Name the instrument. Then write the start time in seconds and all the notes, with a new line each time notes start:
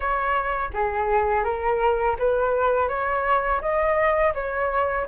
flute
0.00 C#5
0.73 G#4
1.44 A#4
2.18 B4
2.88 C#5
3.61 D#5
4.34 C#5